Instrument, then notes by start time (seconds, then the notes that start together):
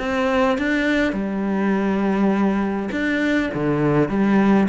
cello
0.00 C4
0.59 D4
1.13 G3
2.92 D4
3.55 D3
4.09 G3